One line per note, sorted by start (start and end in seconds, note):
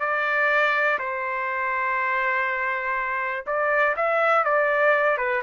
0.00 0.98 D5
0.99 3.45 C5
3.47 3.96 D5
3.97 4.44 E5
4.44 5.18 D5
5.18 5.43 B4